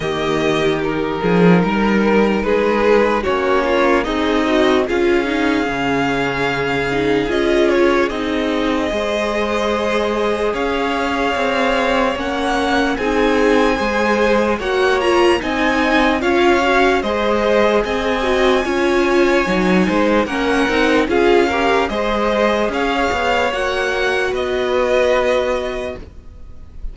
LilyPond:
<<
  \new Staff \with { instrumentName = "violin" } { \time 4/4 \tempo 4 = 74 dis''4 ais'2 b'4 | cis''4 dis''4 f''2~ | f''4 dis''8 cis''8 dis''2~ | dis''4 f''2 fis''4 |
gis''2 fis''8 ais''8 gis''4 | f''4 dis''4 gis''2~ | gis''4 fis''4 f''4 dis''4 | f''4 fis''4 dis''2 | }
  \new Staff \with { instrumentName = "violin" } { \time 4/4 g'4. gis'8 ais'4 gis'4 | fis'8 f'8 dis'4 gis'2~ | gis'2. c''4~ | c''4 cis''2. |
gis'4 c''4 cis''4 dis''4 | cis''4 c''4 dis''4 cis''4~ | cis''8 c''8 ais'4 gis'8 ais'8 c''4 | cis''2 b'2 | }
  \new Staff \with { instrumentName = "viola" } { \time 4/4 ais4 dis'2. | cis'4 gis'8 fis'8 f'8 dis'8 cis'4~ | cis'8 dis'8 f'4 dis'4 gis'4~ | gis'2. cis'4 |
dis'4 gis'4 fis'8 f'8 dis'4 | f'8 fis'8 gis'4. fis'8 f'4 | dis'4 cis'8 dis'8 f'8 g'8 gis'4~ | gis'4 fis'2. | }
  \new Staff \with { instrumentName = "cello" } { \time 4/4 dis4. f8 g4 gis4 | ais4 c'4 cis'4 cis4~ | cis4 cis'4 c'4 gis4~ | gis4 cis'4 c'4 ais4 |
c'4 gis4 ais4 c'4 | cis'4 gis4 c'4 cis'4 | fis8 gis8 ais8 c'8 cis'4 gis4 | cis'8 b8 ais4 b2 | }
>>